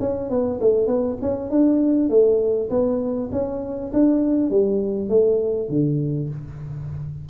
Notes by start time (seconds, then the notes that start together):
0.00 C#4
0.30 B3
0.61 A3
0.87 B3
1.21 C#4
1.51 D4
2.09 A3
2.70 B3
3.32 C#4
3.93 D4
4.51 G3
5.09 A3
5.69 D3